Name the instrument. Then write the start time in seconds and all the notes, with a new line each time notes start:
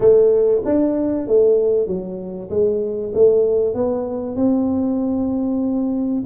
tuba
0.00 A3
0.64 D4
1.27 A3
1.87 F#3
2.50 G#3
3.14 A3
3.74 B3
4.36 C4